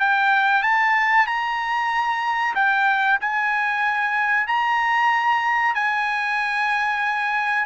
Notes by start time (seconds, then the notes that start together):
0.00 G5
0.63 A5
1.27 A#5
2.55 G5
3.21 G#5
4.47 A#5
5.75 G#5